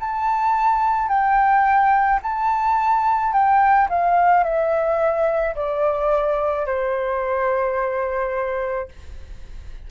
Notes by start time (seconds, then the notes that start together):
0.00 A5
1.08 G5
2.22 A5
3.32 G5
3.89 F5
4.43 E5
5.55 D5
6.66 C5